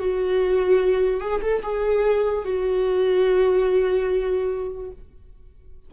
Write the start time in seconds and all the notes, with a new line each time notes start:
0.00 F#4
1.21 G#4
1.42 A4
1.63 G#4
2.45 F#4